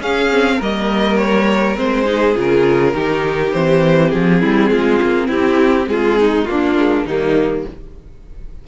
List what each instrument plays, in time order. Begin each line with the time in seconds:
0.00 cello C#4, viola C#4, violin G#4 F5
0.32 viola C4
0.57 cello G3, viola A#3, violin A#4 D#5
1.17 violin C#5
1.76 cello G#3, viola C4, violin C5
2.05 viola D#4, violin G#4
2.35 cello C#3, viola F4, violin A#4
2.94 cello D#3, viola D#4, violin G4
3.53 cello E3, viola C4, violin C5
4.11 cello F3, violin G#4
4.41 cello G3, violin E4
4.71 cello G#3, violin F4
5.03 cello A#3
5.28 cello C4, violin E4 G4
5.87 cello G#3, violin F4 G#4
6.20 violin D#4
6.45 viola A#3, cello A#3, violin D4 F4
6.77 viola G#3
7.06 cello D#3, viola G3, violin A#3 D#4